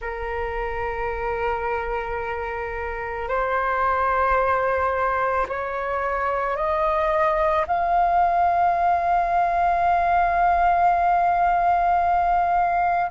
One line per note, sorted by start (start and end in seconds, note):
0.00 3.28 A#4
3.28 5.46 C5
5.48 6.56 C#5
6.56 7.65 D#5
7.67 13.10 F5